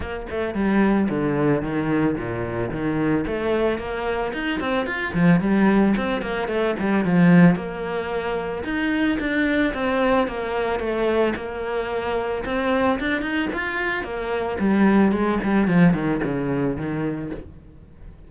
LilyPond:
\new Staff \with { instrumentName = "cello" } { \time 4/4 \tempo 4 = 111 ais8 a8 g4 d4 dis4 | ais,4 dis4 a4 ais4 | dis'8 c'8 f'8 f8 g4 c'8 ais8 | a8 g8 f4 ais2 |
dis'4 d'4 c'4 ais4 | a4 ais2 c'4 | d'8 dis'8 f'4 ais4 g4 | gis8 g8 f8 dis8 cis4 dis4 | }